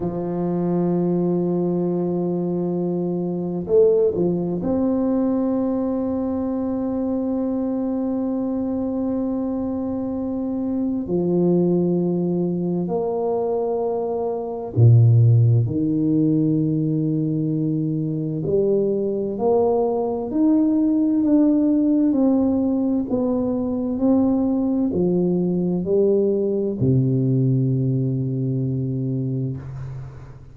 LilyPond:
\new Staff \with { instrumentName = "tuba" } { \time 4/4 \tempo 4 = 65 f1 | a8 f8 c'2.~ | c'1 | f2 ais2 |
ais,4 dis2. | g4 ais4 dis'4 d'4 | c'4 b4 c'4 f4 | g4 c2. | }